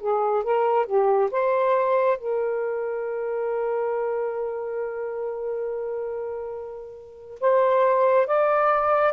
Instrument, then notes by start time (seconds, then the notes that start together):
saxophone
0.00 G#4
0.43 A#4
0.86 G4
1.31 C5
2.18 A#4
7.40 C5
8.27 D5